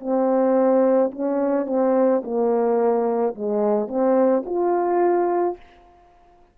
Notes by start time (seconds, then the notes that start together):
0.00 C4
1.12 C#4
1.67 C4
2.24 A#3
3.35 G#3
3.88 C4
4.45 F4